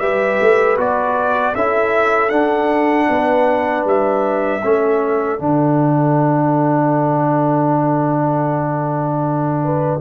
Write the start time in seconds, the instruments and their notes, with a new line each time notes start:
0.00 tuba G3, trombone G4, horn B4, trumpet E5
0.41 tuba A3
0.77 tuba B3, trombone F#4, trumpet D5
1.54 tuba C#4, trombone E4, horn A4, trumpet E5
2.29 trombone D4, tuba D4, trumpet F#5
3.09 tuba B3, horn B4
3.85 tuba G3, trumpet E5
4.63 tuba A3, trombone C#4, horn A4
5.39 tuba D3, trombone D4, trumpet F#5
9.63 horn B4